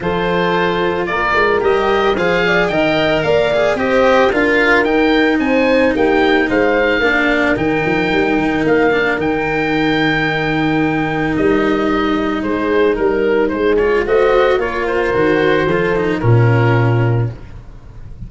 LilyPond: <<
  \new Staff \with { instrumentName = "oboe" } { \time 4/4 \tempo 4 = 111 c''2 d''4 dis''4 | f''4 g''4 f''4 dis''4 | f''4 g''4 gis''4 g''4 | f''2 g''2 |
f''4 g''2.~ | g''4 dis''2 c''4 | ais'4 c''8 cis''8 dis''4 cis''8 c''8~ | c''2 ais'2 | }
  \new Staff \with { instrumentName = "horn" } { \time 4/4 a'2 ais'2 | c''8 d''8 dis''4 d''4 c''4 | ais'2 c''4 g'4 | c''4 ais'2.~ |
ais'1~ | ais'2. gis'4 | ais'4 gis'4 c''4 ais'4~ | ais'4 a'4 f'2 | }
  \new Staff \with { instrumentName = "cello" } { \time 4/4 f'2. g'4 | gis'4 ais'4. gis'8 g'4 | f'4 dis'2.~ | dis'4 d'4 dis'2~ |
dis'8 d'8 dis'2.~ | dis'1~ | dis'4. f'8 fis'4 f'4 | fis'4 f'8 dis'8 cis'2 | }
  \new Staff \with { instrumentName = "tuba" } { \time 4/4 f2 ais8 gis8 g4 | f4 dis4 ais4 c'4 | d'4 dis'4 c'4 ais4 | gis4 ais4 dis8 f8 g8 dis8 |
ais4 dis2.~ | dis4 g2 gis4 | g4 gis4 a4 ais4 | dis4 f4 ais,2 | }
>>